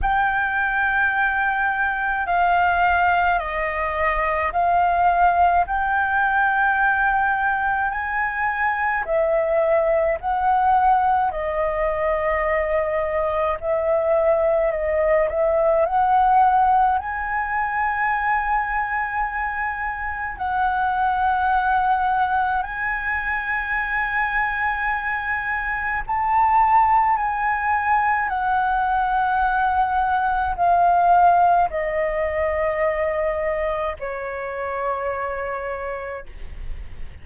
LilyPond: \new Staff \with { instrumentName = "flute" } { \time 4/4 \tempo 4 = 53 g''2 f''4 dis''4 | f''4 g''2 gis''4 | e''4 fis''4 dis''2 | e''4 dis''8 e''8 fis''4 gis''4~ |
gis''2 fis''2 | gis''2. a''4 | gis''4 fis''2 f''4 | dis''2 cis''2 | }